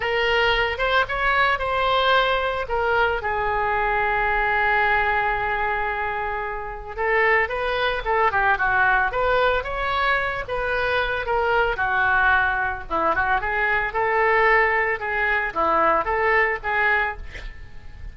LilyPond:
\new Staff \with { instrumentName = "oboe" } { \time 4/4 \tempo 4 = 112 ais'4. c''8 cis''4 c''4~ | c''4 ais'4 gis'2~ | gis'1~ | gis'4 a'4 b'4 a'8 g'8 |
fis'4 b'4 cis''4. b'8~ | b'4 ais'4 fis'2 | e'8 fis'8 gis'4 a'2 | gis'4 e'4 a'4 gis'4 | }